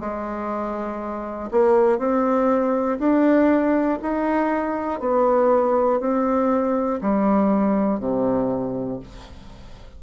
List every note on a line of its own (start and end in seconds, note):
0.00 1.50 G#3
1.50 1.98 A#3
1.98 2.98 C4
2.98 3.98 D4
4.01 5.00 D#4
5.00 6.00 B3
6.00 7.00 C4
7.00 8.00 G3
8.00 9.00 C3